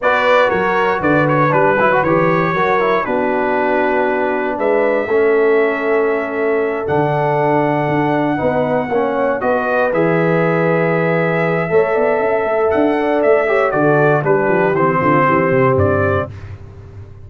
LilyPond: <<
  \new Staff \with { instrumentName = "trumpet" } { \time 4/4 \tempo 4 = 118 d''4 cis''4 d''8 cis''8 b'4 | cis''2 b'2~ | b'4 e''2.~ | e''4. fis''2~ fis''8~ |
fis''2~ fis''8 dis''4 e''8~ | e''1~ | e''4 fis''4 e''4 d''4 | b'4 c''2 d''4 | }
  \new Staff \with { instrumentName = "horn" } { \time 4/4 b'4 ais'4 b'2~ | b'4 ais'4 fis'2~ | fis'4 b'4 a'2~ | a'1~ |
a'8 b'4 cis''4 b'4.~ | b'2. cis''8 d''8 | e''4. d''4 cis''8 a'4 | g'4. f'8 g'2 | }
  \new Staff \with { instrumentName = "trombone" } { \time 4/4 fis'2. d'8 e'16 fis'16 | g'4 fis'8 e'8 d'2~ | d'2 cis'2~ | cis'4. d'2~ d'8~ |
d'8 dis'4 cis'4 fis'4 gis'8~ | gis'2. a'4~ | a'2~ a'8 g'8 fis'4 | d'4 c'2. | }
  \new Staff \with { instrumentName = "tuba" } { \time 4/4 b4 fis4 d4 g8 fis8 | e4 fis4 b2~ | b4 gis4 a2~ | a4. d2 d'8~ |
d'8 b4 ais4 b4 e8~ | e2. a8 b8 | cis'8 a8 d'4 a4 d4 | g8 f8 e8 d8 e8 c8 g,4 | }
>>